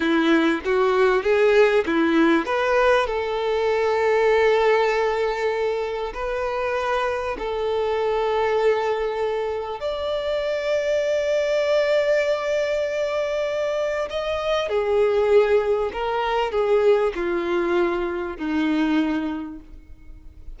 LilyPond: \new Staff \with { instrumentName = "violin" } { \time 4/4 \tempo 4 = 98 e'4 fis'4 gis'4 e'4 | b'4 a'2.~ | a'2 b'2 | a'1 |
d''1~ | d''2. dis''4 | gis'2 ais'4 gis'4 | f'2 dis'2 | }